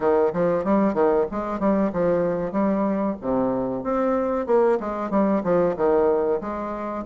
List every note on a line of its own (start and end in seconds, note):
0.00 0.32 D#3
0.33 0.64 F3
0.64 0.93 G3
0.93 1.25 D#3
1.31 1.59 G#3
1.59 1.91 G3
1.92 2.52 F3
2.52 3.15 G3
3.21 3.83 C3
3.83 4.46 C4
4.46 4.78 A#3
4.80 5.10 G#3
5.10 5.42 G3
5.43 5.75 F3
5.76 6.40 D#3
6.41 7.04 G#3